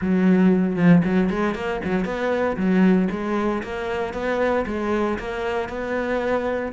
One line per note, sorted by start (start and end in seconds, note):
0.01 0.76 F#3
0.76 1.02 F3
1.04 1.29 F#3
1.29 1.54 G#3
1.54 1.80 A#3
1.84 2.04 F#3
2.04 2.56 B3
2.56 3.08 F#3
3.11 3.62 G#3
3.63 4.13 A#3
4.13 4.65 B3
4.66 5.18 G#3
5.18 5.68 A#3
5.68 6.72 B3